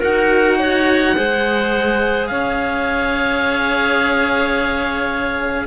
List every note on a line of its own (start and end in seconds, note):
0.00 1.18 D#4
0.00 1.14 F#4
0.00 0.57 A#4
0.00 2.27 F#5
0.59 1.15 C#5
1.15 2.31 G#3
1.15 5.67 G#4
1.15 2.28 C5
2.27 5.67 C#4
2.27 5.67 C#5
2.27 5.67 F5